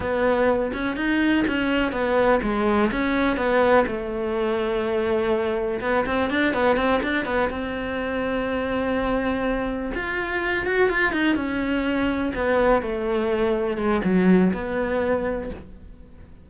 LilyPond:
\new Staff \with { instrumentName = "cello" } { \time 4/4 \tempo 4 = 124 b4. cis'8 dis'4 cis'4 | b4 gis4 cis'4 b4 | a1 | b8 c'8 d'8 b8 c'8 d'8 b8 c'8~ |
c'1~ | c'8 f'4. fis'8 f'8 dis'8 cis'8~ | cis'4. b4 a4.~ | a8 gis8 fis4 b2 | }